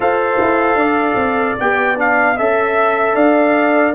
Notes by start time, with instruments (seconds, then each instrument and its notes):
0.00 tuba F4, trombone A4, horn C5, trumpet F5
0.39 tuba E4
0.75 tuba D4, horn D5
1.15 tuba C4
1.59 tuba B3, trombone G4, trumpet G5
1.96 trombone D4, trumpet F5
2.35 tuba C#4, trombone A4, horn E5, trumpet E5
3.15 tuba D4, horn D5, trumpet F5